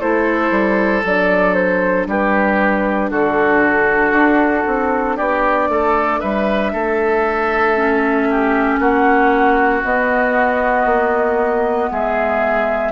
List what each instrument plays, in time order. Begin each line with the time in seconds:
0.00 bassoon A3, clarinet E4, oboe A4, flute C5
0.51 bassoon G3
1.03 bassoon F#3, clarinet D4, flute D5
1.54 flute C5
2.07 bassoon G3, oboe G4, flute B4
3.11 bassoon D3, oboe F#4, flute A4
4.12 bassoon D4
4.67 bassoon C4
5.16 bassoon B3, oboe G4, flute D5
5.69 bassoon A3, oboe A4
6.20 bassoon G3, oboe B4, flute E5
6.73 bassoon A3, oboe A4
7.76 clarinet C#4
8.30 oboe G4
8.79 bassoon A#3, oboe F#4, flute F#5
9.84 clarinet B3, bassoon B3, flute D#5
10.85 bassoon A#3
11.91 bassoon G#3, oboe G#4, flute E5